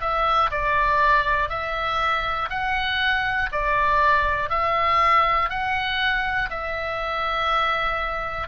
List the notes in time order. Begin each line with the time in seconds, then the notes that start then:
0.00 E5
0.50 D5
1.49 E5
2.49 F#5
3.52 D5
4.50 E5
5.50 F#5
6.50 E5